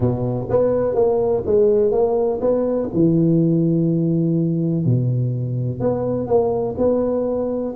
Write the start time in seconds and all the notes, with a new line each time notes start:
0.00 B2
0.49 B3
0.94 A#3
1.46 G#3
1.91 A#3
2.41 B3
2.93 E3
4.85 B2
5.80 B3
6.27 A#3
6.77 B3